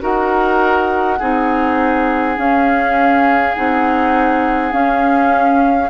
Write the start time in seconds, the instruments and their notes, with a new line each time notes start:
0.00 bassoon D#4, clarinet F#4, oboe A#4, flute F#5
1.19 bassoon C4, clarinet D#4, oboe G#4
2.36 clarinet C#4, bassoon C#4, flute F5
3.55 bassoon C4, clarinet D#4, flute F#5
4.72 clarinet C#4, bassoon C#4, flute F5